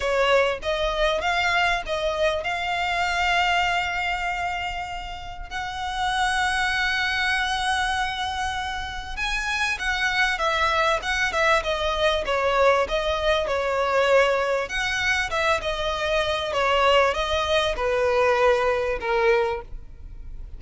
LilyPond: \new Staff \with { instrumentName = "violin" } { \time 4/4 \tempo 4 = 98 cis''4 dis''4 f''4 dis''4 | f''1~ | f''4 fis''2.~ | fis''2. gis''4 |
fis''4 e''4 fis''8 e''8 dis''4 | cis''4 dis''4 cis''2 | fis''4 e''8 dis''4. cis''4 | dis''4 b'2 ais'4 | }